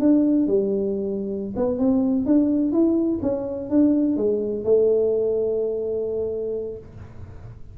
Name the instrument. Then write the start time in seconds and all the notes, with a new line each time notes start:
tuba
0.00 D4
0.48 G3
1.57 B3
1.79 C4
2.26 D4
2.73 E4
3.23 C#4
3.70 D4
4.17 G#3
4.65 A3